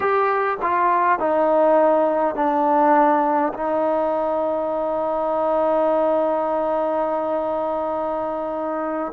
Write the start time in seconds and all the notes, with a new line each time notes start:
0.00 G4
0.62 F4
1.19 D#4
2.35 D4
3.53 D#4